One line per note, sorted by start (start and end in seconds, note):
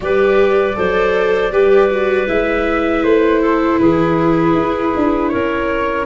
0.00 0.76 G3
0.00 0.75 G4
0.00 0.77 B4
0.00 2.28 D5
0.75 1.51 F#3
0.75 1.51 A4
0.75 1.52 C5
1.51 2.27 G3
1.51 1.90 G4
1.51 3.41 B4
1.90 2.26 F#4
2.26 3.03 G#3
2.26 6.06 E4
2.26 3.03 E5
3.03 3.79 A3
3.03 3.78 C5
3.41 3.79 A4
3.78 4.54 E3
3.78 5.31 G#4
3.78 5.29 B4
4.54 4.92 E4
4.96 5.34 D4
5.29 6.06 C#4
5.29 6.06 A#4
5.29 6.05 C#5